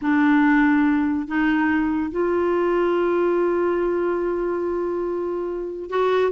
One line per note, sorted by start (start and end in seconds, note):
0.01 1.27 D4
1.27 2.11 D#4
2.11 5.89 F4
5.89 6.32 F#4